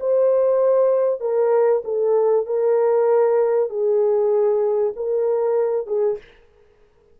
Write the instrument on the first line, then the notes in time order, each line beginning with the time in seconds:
horn
0.00 C5
1.20 A#4
1.84 A4
2.46 A#4
3.69 G#4
4.96 A#4
5.87 G#4